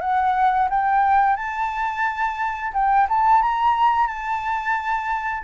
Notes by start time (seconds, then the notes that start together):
0.00 F#5
0.69 G5
1.36 A5
2.73 G5
3.09 A5
3.42 A#5
4.07 A5